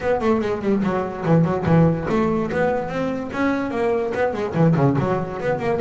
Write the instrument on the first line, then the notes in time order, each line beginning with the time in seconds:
double bass
0.00 B3
0.21 A3
0.40 G#3
0.61 G3
0.83 F#3
1.25 E3
1.44 F#3
1.65 E3
2.09 A3
2.51 B3
2.89 C4
3.32 C#4
3.71 A#3
4.14 B3
4.33 G#3
4.54 E3
4.76 C#3
4.98 F#3
5.40 B3
5.59 A#3